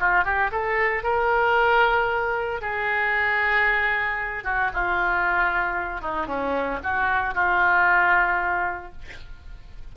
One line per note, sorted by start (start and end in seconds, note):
0.00 0.25 F4
0.25 0.51 G4
0.52 1.03 A4
1.03 2.61 A#4
2.61 4.44 G#4
4.44 4.70 F#4
4.74 6.01 F4
6.01 6.27 D#4
6.27 6.80 C#4
6.83 7.34 F#4
7.34 8.92 F4